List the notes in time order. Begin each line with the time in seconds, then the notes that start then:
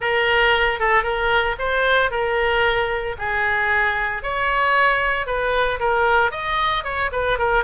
0.00 A#4
0.79 A4
1.03 A#4
1.58 C5
2.10 A#4
3.18 G#4
4.22 C#5
5.26 B4
5.79 A#4
6.31 D#5
6.84 C#5
7.12 B4
7.38 A#4